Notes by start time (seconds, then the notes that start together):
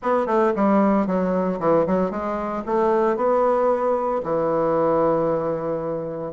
0.02 B3
0.26 A3
0.55 G3
1.06 F#3
1.59 E3
1.86 F#3
2.10 G#3
2.66 A3
3.16 B3
4.23 E3